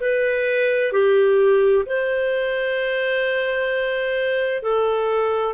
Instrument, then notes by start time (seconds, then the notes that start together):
clarinet
0.00 B4
0.92 G4
1.85 C5
4.62 A4